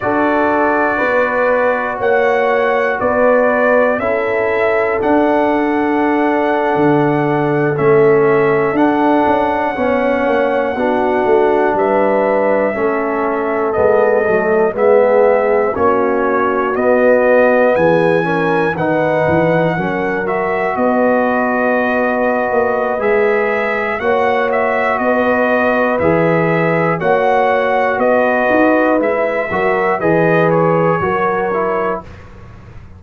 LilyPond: <<
  \new Staff \with { instrumentName = "trumpet" } { \time 4/4 \tempo 4 = 60 d''2 fis''4 d''4 | e''4 fis''2~ fis''8. e''16~ | e''8. fis''2. e''16~ | e''4.~ e''16 dis''4 e''4 cis''16~ |
cis''8. dis''4 gis''4 fis''4~ fis''16~ | fis''16 e''8 dis''2~ dis''16 e''4 | fis''8 e''8 dis''4 e''4 fis''4 | dis''4 e''4 dis''8 cis''4. | }
  \new Staff \with { instrumentName = "horn" } { \time 4/4 a'4 b'4 cis''4 b'4 | a'1~ | a'4.~ a'16 cis''4 fis'4 b'16~ | b'8. a'2 gis'4 fis'16~ |
fis'4.~ fis'16 gis'8 ais'8 b'4 ais'16~ | ais'8. b'2.~ b'16 | cis''4 b'2 cis''4 | b'4. ais'8 b'4 ais'4 | }
  \new Staff \with { instrumentName = "trombone" } { \time 4/4 fis'1 | e'4 d'2~ d'8. cis'16~ | cis'8. d'4 cis'4 d'4~ d'16~ | d'8. cis'4 b8 a8 b4 cis'16~ |
cis'8. b4. cis'8 dis'4 cis'16~ | cis'16 fis'2~ fis'8. gis'4 | fis'2 gis'4 fis'4~ | fis'4 e'8 fis'8 gis'4 fis'8 e'8 | }
  \new Staff \with { instrumentName = "tuba" } { \time 4/4 d'4 b4 ais4 b4 | cis'4 d'4.~ d'16 d4 a16~ | a8. d'8 cis'8 b8 ais8 b8 a8 g16~ | g8. a4 gis8 fis8 gis4 ais16~ |
ais8. b4 e4 dis8 e8 fis16~ | fis8. b4.~ b16 ais8 gis4 | ais4 b4 e4 ais4 | b8 dis'8 gis8 fis8 e4 fis4 | }
>>